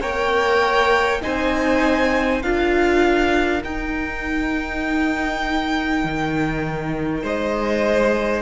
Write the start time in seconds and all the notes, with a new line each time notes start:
0.00 A#3 A#4 C#5 G5
1.21 C4 D#4 C5 G#5
2.42 D4 F4 A#4 F5
3.62 D#4 G5
6.04 D#3
7.22 G#3 C5 D#5